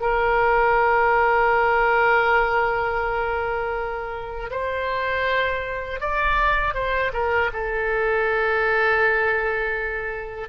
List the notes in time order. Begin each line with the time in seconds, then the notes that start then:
0.00 A#4
4.51 C5
6.00 D5
6.74 C5
7.13 A#4
7.53 A4